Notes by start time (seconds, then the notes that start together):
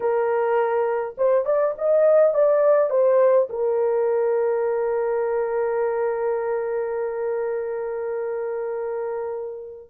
0.00 A#4
1.17 C5
1.45 D5
1.78 D#5
2.34 D5
2.90 C5
3.49 A#4